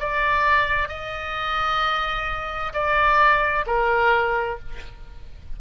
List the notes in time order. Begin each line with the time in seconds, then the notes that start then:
0.00 D5
0.89 D#5
2.74 D5
3.67 A#4